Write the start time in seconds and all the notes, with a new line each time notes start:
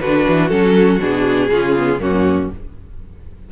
0.00 D3 D4 F#4 B4
0.28 E3
0.48 F#3 C#4 A4
0.99 B2 D4 G#4
1.50 C#3 C#4 F4
1.77 B3
2.00 F#2 A#3 C#4 F#4